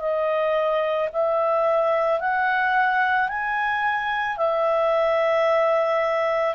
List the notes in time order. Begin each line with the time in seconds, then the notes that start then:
0.00 D#5
1.13 E5
2.20 F#5
3.29 G#5
4.38 E5